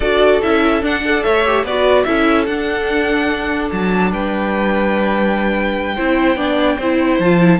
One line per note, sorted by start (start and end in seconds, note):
0.00 0.40 D4
0.00 0.42 F#4
0.00 1.03 A4
0.00 0.41 D5
0.42 0.82 C#4
0.42 0.82 E4
0.42 0.83 E5
0.82 1.23 D4
0.82 1.02 D4
0.82 1.22 F#5
1.04 1.45 A4
1.04 1.24 D5
1.22 1.63 A3
1.22 1.64 C#5
1.22 1.63 E5
1.45 1.66 G4
1.63 2.04 B3
1.63 2.06 F#4
1.63 2.05 B4
1.63 2.04 D5
2.04 2.47 C#4
2.04 2.47 E4
2.04 4.11 A4
2.04 2.45 E5
2.46 3.70 D4
2.46 5.96 D4
2.46 3.69 F#5
3.70 4.11 F#3
3.70 4.11 A5
4.11 5.96 G3
4.11 5.95 B4
4.11 7.20 G5
5.95 6.36 C4
5.95 6.37 E4
5.95 6.36 C5
6.36 6.77 B3
6.36 6.78 D4
6.36 6.77 D5
6.77 7.19 C4
6.77 7.23 E4
6.77 7.59 C5
7.19 7.59 F3
7.19 7.39 F4
7.19 7.59 A5
7.39 7.59 E4